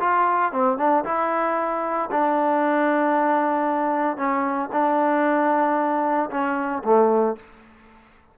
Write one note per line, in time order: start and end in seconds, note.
0.00 0.52 F4
0.52 0.78 C4
0.78 1.04 D4
1.05 2.10 E4
2.11 4.17 D4
4.17 4.70 C#4
4.72 6.30 D4
6.30 6.83 C#4
6.84 7.36 A3